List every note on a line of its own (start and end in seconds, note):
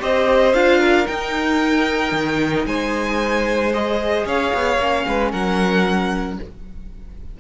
0.00 0.54 C4
0.00 0.53 G4
0.00 0.80 C5
0.00 0.54 D#5
0.54 1.07 D4
0.54 1.06 F4
0.54 1.07 F5
0.80 2.66 A#4
1.06 3.72 D#4
1.06 2.12 D#4
1.06 2.66 G5
2.12 2.65 D#3
2.66 4.26 G#3
2.66 4.27 C5
2.66 3.73 G#5
3.74 4.80 G#4
3.74 4.27 D#5
4.26 4.53 C#4
4.26 5.06 C#5
4.26 5.32 F5
4.54 4.78 B3
4.78 5.05 A#3
4.78 6.40 C#4
5.08 5.34 G#3
5.08 5.32 B4
5.32 6.40 F#3
5.32 6.38 A#4
5.32 6.39 F#5